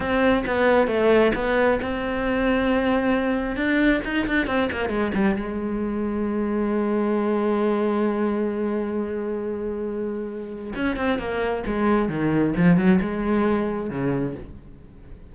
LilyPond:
\new Staff \with { instrumentName = "cello" } { \time 4/4 \tempo 4 = 134 c'4 b4 a4 b4 | c'1 | d'4 dis'8 d'8 c'8 ais8 gis8 g8 | gis1~ |
gis1~ | gis1 | cis'8 c'8 ais4 gis4 dis4 | f8 fis8 gis2 cis4 | }